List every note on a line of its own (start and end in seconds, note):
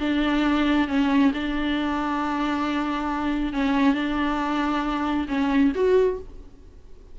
0.00 0.88 D4
0.88 1.32 C#4
1.34 3.53 D4
3.53 3.94 C#4
3.94 5.27 D4
5.28 5.72 C#4
5.75 6.19 F#4